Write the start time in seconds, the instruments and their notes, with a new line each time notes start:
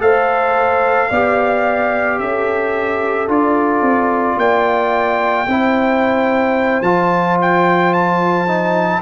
0.00 tuba A3, trombone A4, horn C5, trumpet F5
1.10 tuba B3, trombone G4, horn D5
2.19 tuba C#4, horn A4, trumpet E5
3.28 tuba D4, trombone F4, trumpet D5
3.81 tuba C4
4.37 tuba A#3, horn D5, trumpet G5
5.47 tuba C4, trombone E4, horn C5
6.81 tuba F3, trombone F4, trumpet A5
7.41 trumpet G5
7.93 trumpet A5
8.47 trombone D#4